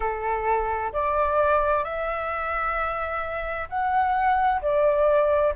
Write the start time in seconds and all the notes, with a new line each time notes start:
0.00 A4
0.92 D5
1.83 E5
3.69 F#5
4.62 D5